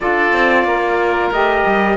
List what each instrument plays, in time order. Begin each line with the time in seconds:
0.00 cello D4, saxophone F4, oboe A4, trumpet D5
0.32 cello C4
0.64 cello A#3, oboe A#4
1.31 cello A3, saxophone G4, trumpet D#5
1.66 cello G3